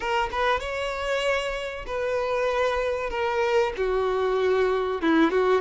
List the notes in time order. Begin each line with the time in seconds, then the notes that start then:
0.00 A#4
0.31 B4
0.60 C#5
1.86 B4
3.10 A#4
3.76 F#4
5.01 E4
5.30 F#4